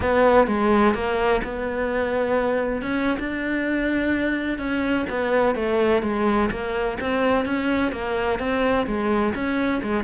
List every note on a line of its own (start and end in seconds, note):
0.00 0.47 B3
0.47 0.94 G#3
0.94 1.41 A#3
1.44 2.82 B3
2.82 3.17 C#4
3.19 4.58 D4
4.58 5.05 C#4
5.09 5.55 B3
5.55 6.02 A3
6.02 6.49 G#3
6.50 6.98 A#3
7.00 7.45 C4
7.45 7.92 C#4
7.92 8.39 A#3
8.39 8.86 C4
8.86 9.34 G#3
9.34 9.81 C#4
9.82 10.04 G#3